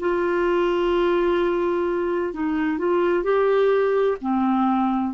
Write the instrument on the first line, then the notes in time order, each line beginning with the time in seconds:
clarinet
0.00 F4
2.34 D#4
2.79 F4
3.23 G4
4.21 C4